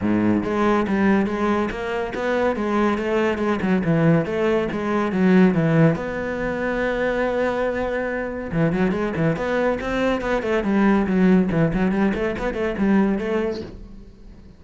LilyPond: \new Staff \with { instrumentName = "cello" } { \time 4/4 \tempo 4 = 141 gis,4 gis4 g4 gis4 | ais4 b4 gis4 a4 | gis8 fis8 e4 a4 gis4 | fis4 e4 b2~ |
b1 | e8 fis8 gis8 e8 b4 c'4 | b8 a8 g4 fis4 e8 fis8 | g8 a8 b8 a8 g4 a4 | }